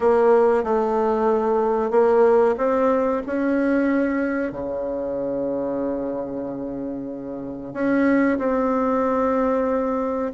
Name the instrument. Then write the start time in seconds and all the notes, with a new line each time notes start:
bassoon
0.00 A#3
0.63 A3
1.90 A#3
2.57 C4
3.26 C#4
4.52 C#3
7.73 C#4
8.38 C4